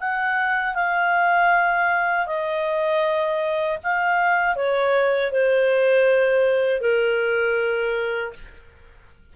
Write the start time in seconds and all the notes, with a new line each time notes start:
0.00 F#5
0.75 F5
2.26 D#5
3.83 F5
4.56 C#5
5.32 C5
6.81 A#4